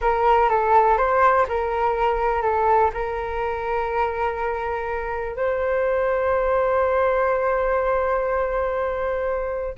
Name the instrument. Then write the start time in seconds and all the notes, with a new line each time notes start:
flute
0.01 A#4
0.49 A4
0.97 C5
1.48 A#4
2.41 A4
2.93 A#4
5.35 C5